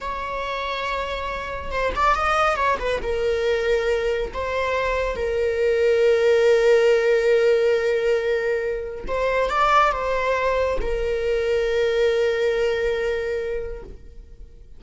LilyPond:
\new Staff \with { instrumentName = "viola" } { \time 4/4 \tempo 4 = 139 cis''1 | c''8 d''8 dis''4 cis''8 b'8 ais'4~ | ais'2 c''2 | ais'1~ |
ais'1~ | ais'4 c''4 d''4 c''4~ | c''4 ais'2.~ | ais'1 | }